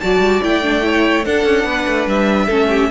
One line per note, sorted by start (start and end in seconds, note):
0.00 0.19 F#3
0.00 0.42 F#4
0.00 0.85 D5
0.00 0.41 A5
0.19 0.39 G3
0.42 1.25 A3
0.42 0.62 E4
0.42 1.24 G5
0.62 0.82 D4
0.82 1.23 E4
0.82 1.25 C#5
1.24 2.49 D4
1.24 1.44 D4
1.24 1.66 A4
1.24 2.07 F#5
1.44 1.64 C#4
1.64 1.85 B3
1.64 2.46 B4
1.86 2.06 A3
2.06 2.47 G3
2.06 2.90 E5
2.46 2.90 A3
2.46 2.90 C#4
2.46 2.66 A4
2.69 2.89 G4